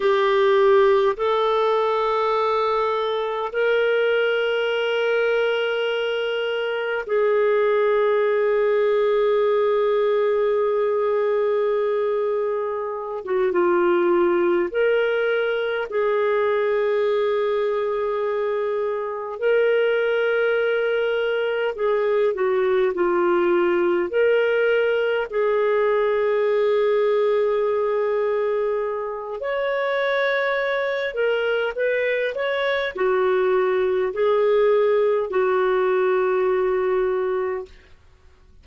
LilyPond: \new Staff \with { instrumentName = "clarinet" } { \time 4/4 \tempo 4 = 51 g'4 a'2 ais'4~ | ais'2 gis'2~ | gis'2.~ gis'16 fis'16 f'8~ | f'8 ais'4 gis'2~ gis'8~ |
gis'8 ais'2 gis'8 fis'8 f'8~ | f'8 ais'4 gis'2~ gis'8~ | gis'4 cis''4. ais'8 b'8 cis''8 | fis'4 gis'4 fis'2 | }